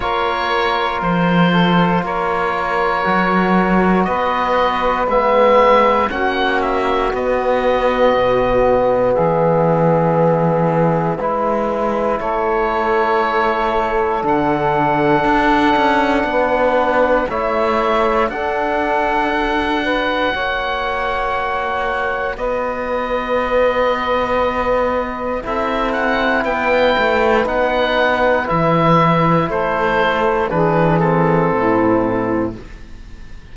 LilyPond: <<
  \new Staff \with { instrumentName = "oboe" } { \time 4/4 \tempo 4 = 59 cis''4 c''4 cis''2 | dis''4 e''4 fis''8 e''8 dis''4~ | dis''4 e''2. | cis''2 fis''2~ |
fis''4 e''4 fis''2~ | fis''2 dis''2~ | dis''4 e''8 fis''8 g''4 fis''4 | e''4 c''4 b'8 a'4. | }
  \new Staff \with { instrumentName = "saxophone" } { \time 4/4 ais'4. a'8 ais'2 | b'2 fis'2~ | fis'4 gis'2 b'4 | a'1 |
b'4 cis''4 a'4. b'8 | cis''2 b'2~ | b'4 a'4 b'2~ | b'4 a'4 gis'4 e'4 | }
  \new Staff \with { instrumentName = "trombone" } { \time 4/4 f'2. fis'4~ | fis'4 b4 cis'4 b4~ | b2. e'4~ | e'2 d'2~ |
d'4 e'4 d'4 fis'4~ | fis'1~ | fis'4 e'2 dis'4 | e'2 d'8 c'4. | }
  \new Staff \with { instrumentName = "cello" } { \time 4/4 ais4 f4 ais4 fis4 | b4 gis4 ais4 b4 | b,4 e2 gis4 | a2 d4 d'8 cis'8 |
b4 a4 d'2 | ais2 b2~ | b4 c'4 b8 a8 b4 | e4 a4 e4 a,4 | }
>>